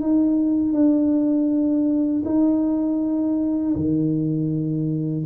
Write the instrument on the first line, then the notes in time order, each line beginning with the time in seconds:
tuba
0.00 D#4
0.73 D4
2.25 D#4
3.75 D#3